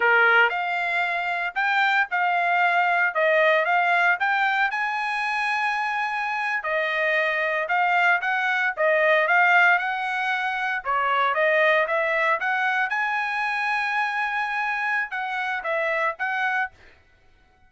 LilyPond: \new Staff \with { instrumentName = "trumpet" } { \time 4/4 \tempo 4 = 115 ais'4 f''2 g''4 | f''2 dis''4 f''4 | g''4 gis''2.~ | gis''8. dis''2 f''4 fis''16~ |
fis''8. dis''4 f''4 fis''4~ fis''16~ | fis''8. cis''4 dis''4 e''4 fis''16~ | fis''8. gis''2.~ gis''16~ | gis''4 fis''4 e''4 fis''4 | }